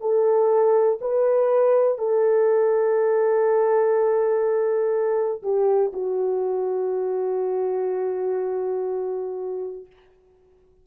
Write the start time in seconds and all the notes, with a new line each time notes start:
0.00 A4
1.01 B4
1.98 A4
5.42 G4
5.93 F#4